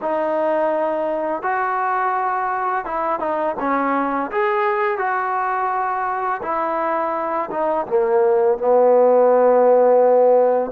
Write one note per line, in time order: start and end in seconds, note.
0.01 1.42 D#4
1.42 2.85 F#4
2.85 3.19 E4
3.19 3.55 D#4
3.59 4.31 C#4
4.31 4.98 G#4
4.98 6.41 F#4
6.42 7.49 E4
7.50 7.86 D#4
7.86 8.57 A#3
8.57 10.71 B3